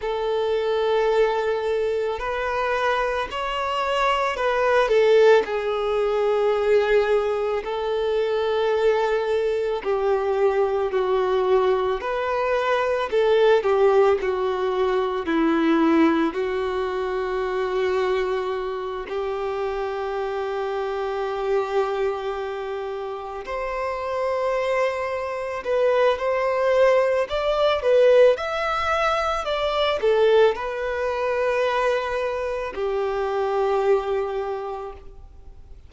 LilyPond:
\new Staff \with { instrumentName = "violin" } { \time 4/4 \tempo 4 = 55 a'2 b'4 cis''4 | b'8 a'8 gis'2 a'4~ | a'4 g'4 fis'4 b'4 | a'8 g'8 fis'4 e'4 fis'4~ |
fis'4. g'2~ g'8~ | g'4. c''2 b'8 | c''4 d''8 b'8 e''4 d''8 a'8 | b'2 g'2 | }